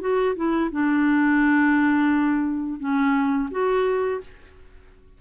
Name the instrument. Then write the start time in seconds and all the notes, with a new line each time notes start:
clarinet
0.00 F#4
0.35 E4
0.71 D4
2.79 C#4
3.51 F#4